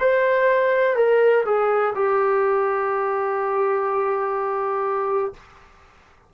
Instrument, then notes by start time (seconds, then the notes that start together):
trombone
0.00 C5
0.96 A#4
1.46 G#4
1.95 G4